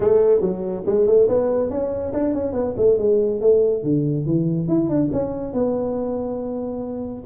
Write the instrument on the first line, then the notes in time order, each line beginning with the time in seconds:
tuba
0.00 A3
0.40 F#3
0.85 G#3
1.06 A3
1.28 B3
1.70 C#4
2.13 D4
2.33 C#4
2.53 B3
2.76 A3
2.98 G#3
3.40 A3
3.83 D3
4.26 E3
4.68 E4
4.89 D4
5.12 C#4
5.53 B3